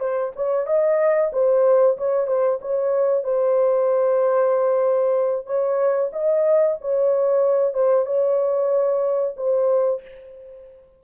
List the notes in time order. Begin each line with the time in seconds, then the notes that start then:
0.00 C5
0.36 C#5
0.67 D#5
1.33 C5
1.97 C#5
2.27 C5
2.62 C#5
3.24 C5
5.46 C#5
6.13 D#5
6.81 C#5
7.74 C5
8.06 C#5
9.37 C5